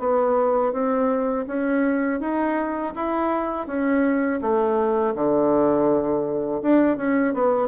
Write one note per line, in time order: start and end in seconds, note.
0.00 0.73 B3
0.74 1.47 C4
1.48 2.21 C#4
2.21 2.94 D#4
2.96 3.68 E4
3.68 4.41 C#4
4.42 5.15 A3
5.16 6.62 D3
6.63 6.98 D4
6.98 7.34 C#4
7.34 7.69 B3